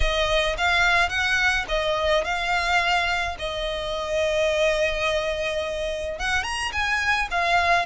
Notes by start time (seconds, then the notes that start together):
0.00 D#5
0.57 F5
1.09 F#5
1.68 D#5
2.24 F5
3.38 D#5
6.18 F#5
6.43 A#5
6.72 G#5
7.30 F5